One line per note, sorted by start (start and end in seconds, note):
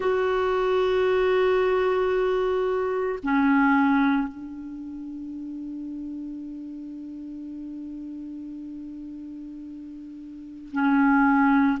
0.00 3.19 F#4
3.23 4.28 C#4
4.28 10.70 D4
10.71 11.79 C#4